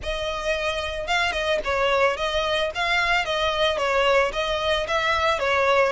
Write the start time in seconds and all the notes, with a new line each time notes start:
0.03 D#5
1.07 F5
1.32 D#5
1.64 C#5
2.16 D#5
2.74 F5
3.25 D#5
3.77 C#5
4.32 D#5
4.87 E5
5.39 C#5